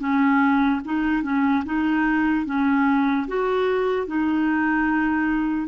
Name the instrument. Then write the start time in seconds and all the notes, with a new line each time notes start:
clarinet
0.00 C#4
0.85 D#4
1.23 C#4
1.65 D#4
2.46 C#4
3.28 F#4
4.07 D#4